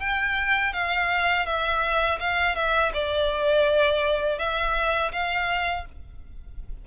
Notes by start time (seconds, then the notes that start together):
0.00 G5
0.74 F5
1.46 E5
2.21 F5
2.56 E5
2.94 D5
4.39 E5
5.13 F5